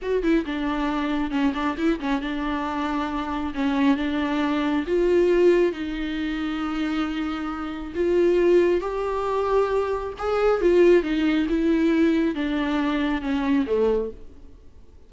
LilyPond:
\new Staff \with { instrumentName = "viola" } { \time 4/4 \tempo 4 = 136 fis'8 e'8 d'2 cis'8 d'8 | e'8 cis'8 d'2. | cis'4 d'2 f'4~ | f'4 dis'2.~ |
dis'2 f'2 | g'2. gis'4 | f'4 dis'4 e'2 | d'2 cis'4 a4 | }